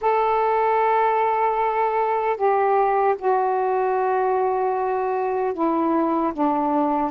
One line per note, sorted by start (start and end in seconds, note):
0.01 2.36 A4
2.36 3.15 G4
3.18 5.53 F#4
5.53 6.32 E4
6.33 7.11 D4